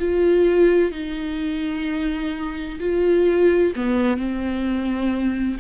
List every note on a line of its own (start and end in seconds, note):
0.00 0.92 F4
0.92 2.80 D#4
2.80 3.74 F4
3.76 4.17 B3
4.17 5.58 C4